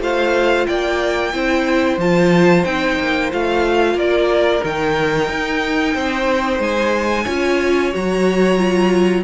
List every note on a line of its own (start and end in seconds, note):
0.00 0.66 A3
0.00 1.33 F4
0.00 0.68 C5
0.00 0.67 F5
0.67 1.34 A#3
0.67 1.34 D5
0.67 1.99 G5
1.34 1.98 C4
1.34 2.00 E4
1.34 3.97 C5
1.98 2.64 F3
1.98 2.65 F4
1.98 2.65 A5
2.65 2.99 C4
2.65 3.31 D#4
2.65 3.31 G5
3.00 3.33 A#3
3.31 3.95 A3
3.31 4.61 F4
3.31 3.99 F5
3.95 4.61 A#3
3.95 5.95 A#4
3.95 4.64 D5
4.61 5.29 D#3
4.61 7.25 D#4
4.61 6.62 G5
5.29 5.95 D#4
5.95 6.59 C4
5.95 7.24 C5
6.59 7.25 G#3
6.59 7.94 G#5
7.24 7.94 C#4
7.24 7.93 F4
7.24 9.22 C#5
7.93 9.24 F#3
7.93 8.57 F#4
7.93 9.24 A#5
8.57 9.23 F4